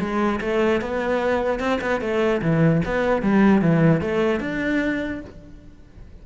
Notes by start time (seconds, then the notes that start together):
0.00 G#3
0.41 A3
0.81 B3
1.60 C4
1.82 B3
2.01 A3
2.42 E3
2.86 B3
3.22 G3
3.62 E3
4.02 A3
4.41 D4